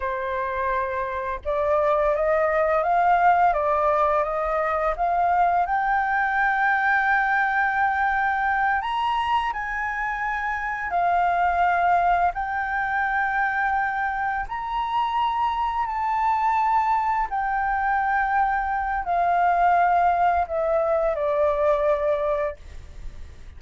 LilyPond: \new Staff \with { instrumentName = "flute" } { \time 4/4 \tempo 4 = 85 c''2 d''4 dis''4 | f''4 d''4 dis''4 f''4 | g''1~ | g''8 ais''4 gis''2 f''8~ |
f''4. g''2~ g''8~ | g''8 ais''2 a''4.~ | a''8 g''2~ g''8 f''4~ | f''4 e''4 d''2 | }